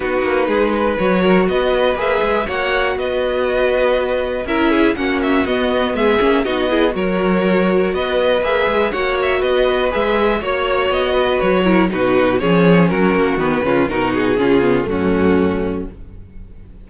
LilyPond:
<<
  \new Staff \with { instrumentName = "violin" } { \time 4/4 \tempo 4 = 121 b'2 cis''4 dis''4 | e''4 fis''4 dis''2~ | dis''4 e''4 fis''8 e''8 dis''4 | e''4 dis''4 cis''2 |
dis''4 e''4 fis''8 e''8 dis''4 | e''4 cis''4 dis''4 cis''4 | b'4 cis''4 ais'4 b'4 | ais'8 gis'4. fis'2 | }
  \new Staff \with { instrumentName = "violin" } { \time 4/4 fis'4 gis'8 b'4 ais'8 b'4~ | b'4 cis''4 b'2~ | b'4 ais'8 gis'8 fis'2 | gis'4 fis'8 gis'8 ais'2 |
b'2 cis''4 b'4~ | b'4 cis''4. b'4 ais'8 | fis'4 gis'4 fis'4. f'8 | fis'4 f'4 cis'2 | }
  \new Staff \with { instrumentName = "viola" } { \time 4/4 dis'2 fis'2 | gis'4 fis'2.~ | fis'4 e'4 cis'4 b4~ | b8 cis'8 dis'8 e'8 fis'2~ |
fis'4 gis'4 fis'2 | gis'4 fis'2~ fis'8 e'8 | dis'4 cis'2 b8 cis'8 | dis'4 cis'8 b8 a2 | }
  \new Staff \with { instrumentName = "cello" } { \time 4/4 b8 ais8 gis4 fis4 b4 | ais8 gis8 ais4 b2~ | b4 cis'4 ais4 b4 | gis8 ais8 b4 fis2 |
b4 ais8 gis8 ais4 b4 | gis4 ais4 b4 fis4 | b,4 f4 fis8 ais8 dis8 cis8 | b,4 cis4 fis,2 | }
>>